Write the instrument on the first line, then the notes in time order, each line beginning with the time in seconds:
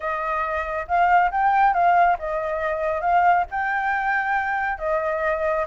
flute
0.00 D#5
0.87 F5
1.31 G5
1.73 F5
2.18 D#5
3.01 F5
3.50 G5
4.78 D#5